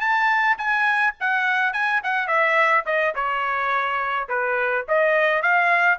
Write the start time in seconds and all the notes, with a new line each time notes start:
0.00 A5
0.58 G#5
1.20 F#5
1.73 G#5
2.03 F#5
2.27 E5
2.86 D#5
3.15 C#5
4.29 B4
4.88 D#5
5.42 F5